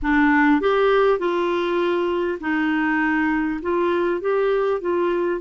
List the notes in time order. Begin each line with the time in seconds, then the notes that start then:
0.02 D4
0.61 G4
1.18 F4
2.40 D#4
3.62 F4
4.20 G4
4.80 F4